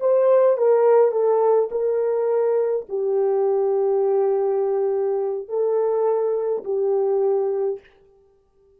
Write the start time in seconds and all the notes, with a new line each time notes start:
0.00 C5
0.57 A#4
1.11 A4
1.71 A#4
2.89 G4
5.48 A4
6.64 G4